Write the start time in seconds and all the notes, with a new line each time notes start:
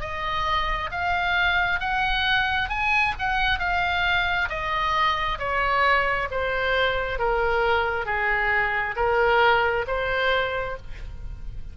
0.00 D#5
0.91 F5
1.80 F#5
2.69 G#5
3.19 F#5
3.59 F5
4.49 D#5
5.39 C#5
6.31 C5
7.18 A#4
8.06 G#4
8.96 A#4
9.87 C5